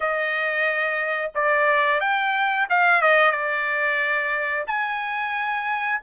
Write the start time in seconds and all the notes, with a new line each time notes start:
0.00 D#5
1.34 D5
2.00 G5
2.69 F5
3.01 D#5
3.32 D5
4.67 G#5